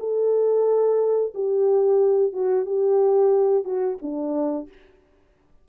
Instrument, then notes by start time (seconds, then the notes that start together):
horn
0.00 A4
1.35 G4
2.33 F#4
2.66 G4
3.65 F#4
4.02 D4